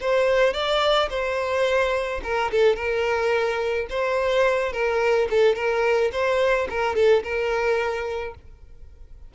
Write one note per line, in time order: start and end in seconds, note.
0.00 0.53 C5
0.53 1.09 D5
1.10 2.21 C5
2.23 2.51 A#4
2.51 2.76 A4
2.76 3.87 A#4
3.90 4.72 C5
4.72 5.28 A#4
5.30 5.55 A4
5.55 6.11 A#4
6.12 6.67 C5
6.69 6.95 A#4
6.95 7.23 A4
7.23 8.34 A#4